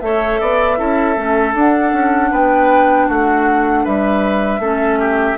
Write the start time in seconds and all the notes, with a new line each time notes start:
0.00 A3 A4 C#5 E5
0.40 B3 D5
0.77 C#4 E4 A4
1.17 A3 C#4
1.54 D4 F#5
1.92 C#4
2.31 B3 B4 G5
3.07 A3 F#4 F#5
3.84 G3 B4 E5
4.59 A3 C#4 A4
4.99 G4